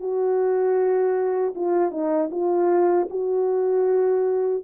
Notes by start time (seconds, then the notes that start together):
0.00 F#4
1.56 F4
1.91 D#4
2.31 F4
3.10 F#4